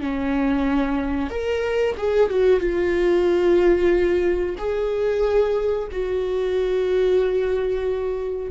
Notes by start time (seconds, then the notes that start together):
0.00 C#4
1.30 A#4
1.97 G#4
2.29 F#4
2.60 F4
4.58 G#4
5.91 F#4